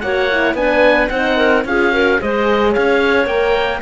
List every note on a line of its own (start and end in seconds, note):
0.00 0.54 A#3
0.00 0.30 F#4
0.00 0.57 C#5
0.00 0.55 F#5
0.30 0.56 E4
0.54 1.08 B3
0.54 1.11 D4
0.54 1.11 B4
0.54 1.09 G#5
1.09 1.64 C4
1.09 1.65 D#4
1.09 1.36 C5
1.09 1.63 F#5
1.36 1.64 A#4
1.65 2.19 C#4
1.65 1.92 F4
1.65 1.92 G#4
1.65 2.21 F5
1.92 2.19 F#4
1.92 2.20 A#4
2.19 2.76 G#3
2.19 3.26 G#4
2.19 2.71 C5
2.19 2.73 D#5
2.71 3.26 C#4
2.71 3.80 C#5
2.71 3.27 F5
3.26 3.81 A#3
3.26 3.80 A#4
3.26 3.81 G5